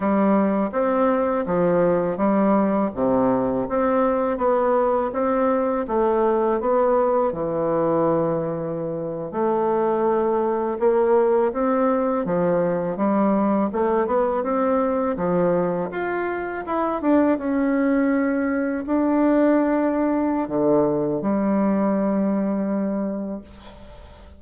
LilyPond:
\new Staff \with { instrumentName = "bassoon" } { \time 4/4 \tempo 4 = 82 g4 c'4 f4 g4 | c4 c'4 b4 c'4 | a4 b4 e2~ | e8. a2 ais4 c'16~ |
c'8. f4 g4 a8 b8 c'16~ | c'8. f4 f'4 e'8 d'8 cis'16~ | cis'4.~ cis'16 d'2~ d'16 | d4 g2. | }